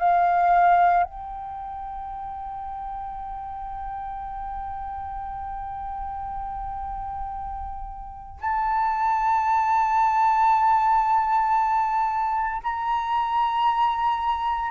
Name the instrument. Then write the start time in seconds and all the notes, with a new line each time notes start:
flute
0.00 F5
1.04 G5
8.41 A5
12.64 A#5